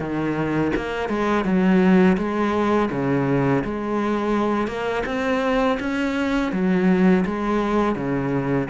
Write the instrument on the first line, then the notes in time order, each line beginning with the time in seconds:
cello
0.00 D#3
0.76 A#3
1.09 G#3
1.45 F#3
2.18 G#3
2.91 C#3
3.64 G#3
4.68 A#3
5.06 C4
5.80 C#4
6.53 F#3
7.26 G#3
7.96 C#3